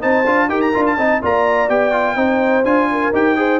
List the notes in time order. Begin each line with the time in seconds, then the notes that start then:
0.00 C4 D#4 C5 A5
0.25 D4 F4
0.48 D#4 G4 A#4 G5
0.61 A#5
0.73 D4 F4
0.86 A5
0.96 C4 D#4 D#5
1.22 A#3 F4 D5 A#5
1.68 B3 G4 G5
1.91 F4
2.15 C4 D#4 C5
2.63 D4 F4 G#5
2.91 A#4
3.12 D#4 G4 G5
3.36 G#4 C5